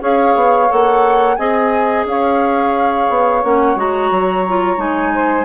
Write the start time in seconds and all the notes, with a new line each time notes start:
0.00 C#4 G#4 C#5 F5
0.35 B3
0.69 A#3 A4 F#5
1.36 C4 G#4 D#5 G#5
2.05 C#4 C#5 F5
3.09 B3
3.43 A#3 C#4 F#5
3.76 G#3 F#4 A#5
4.11 F#3
4.48 F4
4.77 G#3 D#4 G#5
5.13 C5